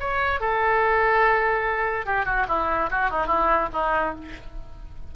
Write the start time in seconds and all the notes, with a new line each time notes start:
0.00 C#5
0.40 A4
2.06 G4
2.25 F#4
2.48 E4
2.91 F#4
3.10 D#4
3.27 E4
3.73 D#4